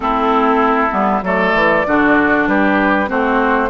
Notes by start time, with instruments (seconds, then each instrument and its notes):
0.00 bassoon A3, clarinet C4, oboe E4, flute A4
0.91 bassoon G3, clarinet B3
1.22 bassoon F#3, clarinet A3, oboe A4, flute D5
1.53 bassoon E3
1.86 bassoon D3, clarinet D4, oboe F#4
2.47 bassoon G3, oboe G4, flute B4
3.07 bassoon A3, clarinet C4, oboe F#4, flute C5